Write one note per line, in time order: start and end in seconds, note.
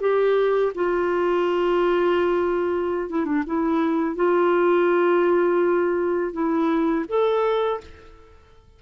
0.00 0.72 G4
0.75 3.10 F4
3.10 3.25 E4
3.25 3.43 D4
3.46 4.16 E4
4.16 6.33 F4
6.33 7.05 E4
7.08 7.80 A4